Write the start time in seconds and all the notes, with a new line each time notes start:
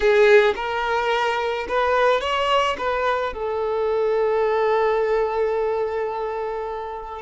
0.00 G#4
0.55 A#4
1.68 B4
2.20 C#5
2.78 B4
3.33 A4